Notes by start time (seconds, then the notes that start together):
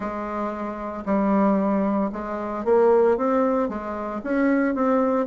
0.00 G#3
1.05 G3
2.12 G#3
2.64 A#3
3.17 C4
3.68 G#3
4.23 C#4
4.75 C4